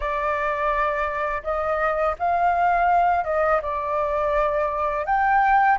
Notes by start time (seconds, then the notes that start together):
0.00 D5
1.43 D#5
2.19 F5
3.24 D#5
3.62 D5
5.05 G5